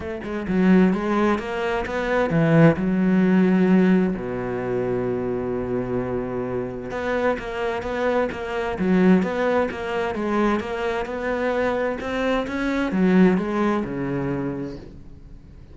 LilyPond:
\new Staff \with { instrumentName = "cello" } { \time 4/4 \tempo 4 = 130 a8 gis8 fis4 gis4 ais4 | b4 e4 fis2~ | fis4 b,2.~ | b,2. b4 |
ais4 b4 ais4 fis4 | b4 ais4 gis4 ais4 | b2 c'4 cis'4 | fis4 gis4 cis2 | }